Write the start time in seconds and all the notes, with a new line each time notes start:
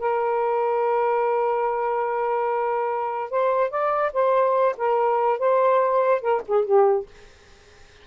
0.00 A#4
3.31 C5
3.71 D5
4.14 C5
4.78 A#4
5.40 C5
6.22 A#4
6.48 G#4
6.66 G4